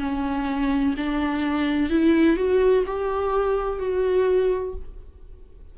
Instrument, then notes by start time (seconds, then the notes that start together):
viola
0.00 C#4
0.97 D4
1.90 E4
2.36 F#4
2.87 G4
3.79 F#4